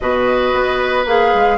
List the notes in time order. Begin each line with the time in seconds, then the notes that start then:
0.00 B2 F#4 B4 D#5
0.54 B3
1.05 A#3 G#4 F5
1.34 G#3